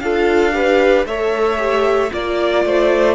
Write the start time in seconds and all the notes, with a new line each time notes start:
0.00 D4 F4 A4 F5
0.52 G4 B4
1.05 A3 A4 C#5 E5
1.57 G4
2.11 A#3 F4 D5
2.65 A3 C5